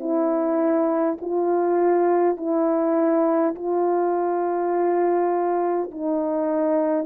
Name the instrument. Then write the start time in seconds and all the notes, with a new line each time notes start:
horn
0.00 E4
1.21 F4
2.37 E4
3.56 F4
5.91 D#4